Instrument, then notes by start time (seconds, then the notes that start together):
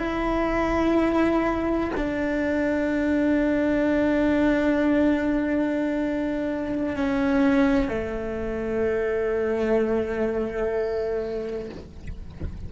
cello
0.00 E4
1.97 D4
6.97 C#4
7.89 A3